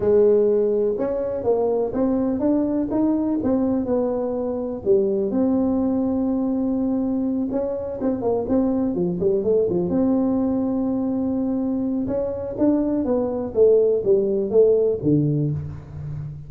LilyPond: \new Staff \with { instrumentName = "tuba" } { \time 4/4 \tempo 4 = 124 gis2 cis'4 ais4 | c'4 d'4 dis'4 c'4 | b2 g4 c'4~ | c'2.~ c'8 cis'8~ |
cis'8 c'8 ais8 c'4 f8 g8 a8 | f8 c'2.~ c'8~ | c'4 cis'4 d'4 b4 | a4 g4 a4 d4 | }